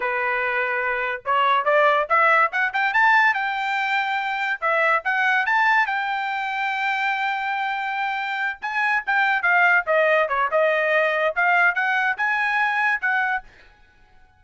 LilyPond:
\new Staff \with { instrumentName = "trumpet" } { \time 4/4 \tempo 4 = 143 b'2. cis''4 | d''4 e''4 fis''8 g''8 a''4 | g''2. e''4 | fis''4 a''4 g''2~ |
g''1~ | g''8 gis''4 g''4 f''4 dis''8~ | dis''8 cis''8 dis''2 f''4 | fis''4 gis''2 fis''4 | }